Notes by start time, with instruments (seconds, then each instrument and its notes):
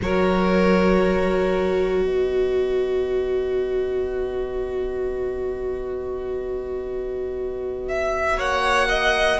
0.01 cello F#3, viola F#4, violin A#4 C#5
2.01 cello B3, violin B4 D#5
7.88 violin E5
8.37 cello A#3, violin C#5 F#5
8.88 violin D#5